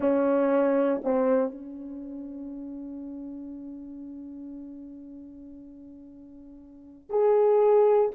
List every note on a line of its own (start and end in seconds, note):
0.00 1.01 C#4
1.04 1.51 C4
1.51 7.09 C#4
7.09 8.11 G#4